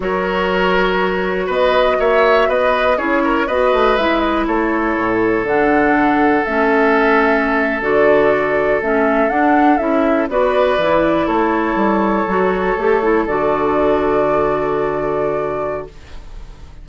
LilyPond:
<<
  \new Staff \with { instrumentName = "flute" } { \time 4/4 \tempo 4 = 121 cis''2. dis''4 | e''4 dis''4 cis''4 dis''4 | e''8 dis''8 cis''2 fis''4~ | fis''4 e''2~ e''8. d''16~ |
d''4.~ d''16 e''4 fis''4 e''16~ | e''8. d''2 cis''4~ cis''16~ | cis''2~ cis''8. d''4~ d''16~ | d''1 | }
  \new Staff \with { instrumentName = "oboe" } { \time 4/4 ais'2. b'4 | cis''4 b'4 gis'8 ais'8 b'4~ | b'4 a'2.~ | a'1~ |
a'1~ | a'8. b'2 a'4~ a'16~ | a'1~ | a'1 | }
  \new Staff \with { instrumentName = "clarinet" } { \time 4/4 fis'1~ | fis'2 e'4 fis'4 | e'2. d'4~ | d'4 cis'2~ cis'8. fis'16~ |
fis'4.~ fis'16 cis'4 d'4 e'16~ | e'8. fis'4 e'2~ e'16~ | e'8. fis'4 g'8 e'8 fis'4~ fis'16~ | fis'1 | }
  \new Staff \with { instrumentName = "bassoon" } { \time 4/4 fis2. b4 | ais4 b4 cis'4 b8 a8 | gis4 a4 a,4 d4~ | d4 a2~ a8. d16~ |
d4.~ d16 a4 d'4 cis'16~ | cis'8. b4 e4 a4 g16~ | g8. fis4 a4 d4~ d16~ | d1 | }
>>